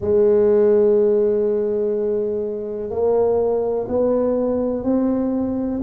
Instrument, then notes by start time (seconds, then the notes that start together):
tuba
0.00 G#3
2.89 A#3
3.88 B3
4.83 C4